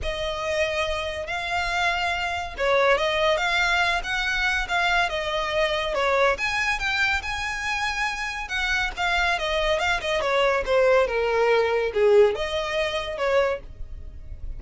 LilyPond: \new Staff \with { instrumentName = "violin" } { \time 4/4 \tempo 4 = 141 dis''2. f''4~ | f''2 cis''4 dis''4 | f''4. fis''4. f''4 | dis''2 cis''4 gis''4 |
g''4 gis''2. | fis''4 f''4 dis''4 f''8 dis''8 | cis''4 c''4 ais'2 | gis'4 dis''2 cis''4 | }